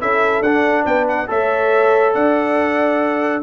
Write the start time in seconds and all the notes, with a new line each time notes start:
0.00 C#4 E4 A4 E5
0.41 D4 F#5
0.83 B3 B4 G5
1.08 F#5
1.27 A3 A4 C#5 E5
2.14 D4 D5 F#5